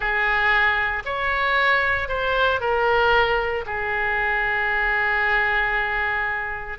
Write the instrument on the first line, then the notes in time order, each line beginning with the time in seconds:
oboe
0.00 G#4
1.05 C#5
2.08 C5
2.60 A#4
3.66 G#4